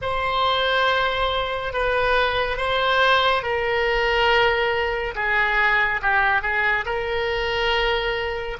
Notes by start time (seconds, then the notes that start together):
0.01 C5
1.73 B4
2.57 C5
3.42 A#4
5.15 G#4
6.02 G4
6.42 G#4
6.85 A#4